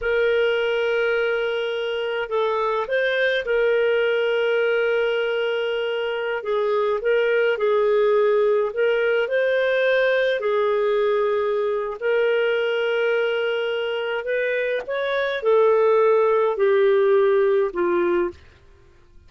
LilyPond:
\new Staff \with { instrumentName = "clarinet" } { \time 4/4 \tempo 4 = 105 ais'1 | a'4 c''4 ais'2~ | ais'2.~ ais'16 gis'8.~ | gis'16 ais'4 gis'2 ais'8.~ |
ais'16 c''2 gis'4.~ gis'16~ | gis'4 ais'2.~ | ais'4 b'4 cis''4 a'4~ | a'4 g'2 f'4 | }